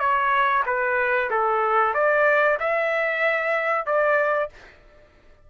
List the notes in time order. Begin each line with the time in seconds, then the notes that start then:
0.00 C#5
0.66 B4
1.31 A4
1.95 D5
2.60 E5
3.86 D5